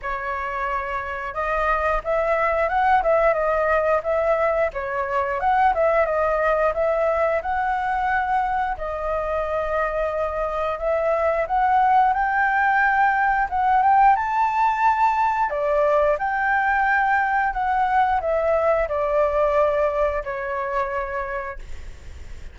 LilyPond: \new Staff \with { instrumentName = "flute" } { \time 4/4 \tempo 4 = 89 cis''2 dis''4 e''4 | fis''8 e''8 dis''4 e''4 cis''4 | fis''8 e''8 dis''4 e''4 fis''4~ | fis''4 dis''2. |
e''4 fis''4 g''2 | fis''8 g''8 a''2 d''4 | g''2 fis''4 e''4 | d''2 cis''2 | }